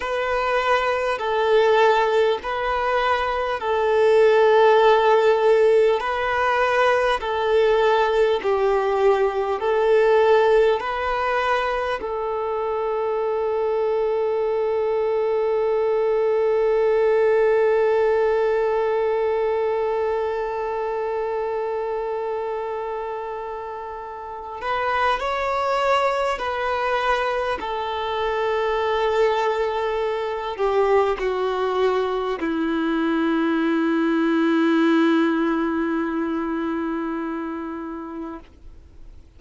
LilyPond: \new Staff \with { instrumentName = "violin" } { \time 4/4 \tempo 4 = 50 b'4 a'4 b'4 a'4~ | a'4 b'4 a'4 g'4 | a'4 b'4 a'2~ | a'1~ |
a'1~ | a'8 b'8 cis''4 b'4 a'4~ | a'4. g'8 fis'4 e'4~ | e'1 | }